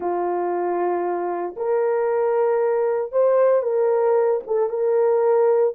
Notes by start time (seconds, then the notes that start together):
0.00 F4
1.56 A#4
3.11 C5
3.62 A#4
4.46 A4
4.69 A#4